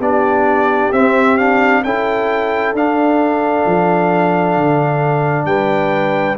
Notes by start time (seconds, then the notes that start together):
0.00 B3 D4 G4 D5
0.92 C4 E5
1.38 D4 F5
1.84 C#4 E4 A4 G5
2.74 D4 F5
3.66 F3
4.57 D3
5.46 G3 B4 G5